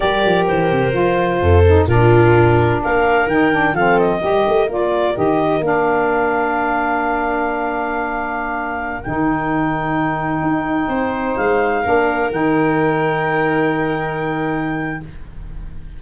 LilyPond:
<<
  \new Staff \with { instrumentName = "clarinet" } { \time 4/4 \tempo 4 = 128 d''4 c''2. | ais'2 f''4 g''4 | f''8 dis''4. d''4 dis''4 | f''1~ |
f''2.~ f''16 g''8.~ | g''1~ | g''16 f''2 g''4.~ g''16~ | g''1 | }
  \new Staff \with { instrumentName = "viola" } { \time 4/4 ais'2. a'4 | f'2 ais'2 | a'4 ais'2.~ | ais'1~ |
ais'1~ | ais'2.~ ais'16 c''8.~ | c''4~ c''16 ais'2~ ais'8.~ | ais'1 | }
  \new Staff \with { instrumentName = "saxophone" } { \time 4/4 g'2 f'4. dis'8 | d'2. dis'8 d'8 | c'4 g'4 f'4 g'4 | d'1~ |
d'2.~ d'16 dis'8.~ | dis'1~ | dis'4~ dis'16 d'4 dis'4.~ dis'16~ | dis'1 | }
  \new Staff \with { instrumentName = "tuba" } { \time 4/4 g8 f8 e8 c8 f4 f,4 | ais,2 ais4 dis4 | f4 g8 a8 ais4 dis4 | ais1~ |
ais2.~ ais16 dis8.~ | dis2~ dis16 dis'4 c'8.~ | c'16 gis4 ais4 dis4.~ dis16~ | dis1 | }
>>